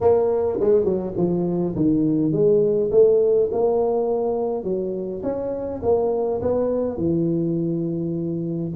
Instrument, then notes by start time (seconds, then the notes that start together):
tuba
0.01 A#3
0.60 G#3
0.84 F#3
1.17 F3
1.75 D#3
2.32 G#3
2.91 A3
3.51 A#3
4.63 F#3
5.23 C#4
5.83 A#3
6.41 B3
6.97 E3